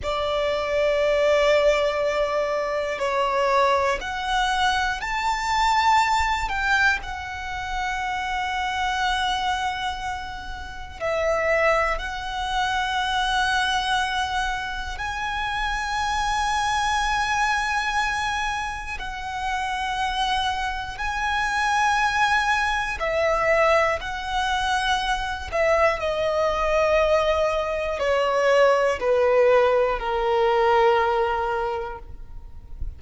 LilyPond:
\new Staff \with { instrumentName = "violin" } { \time 4/4 \tempo 4 = 60 d''2. cis''4 | fis''4 a''4. g''8 fis''4~ | fis''2. e''4 | fis''2. gis''4~ |
gis''2. fis''4~ | fis''4 gis''2 e''4 | fis''4. e''8 dis''2 | cis''4 b'4 ais'2 | }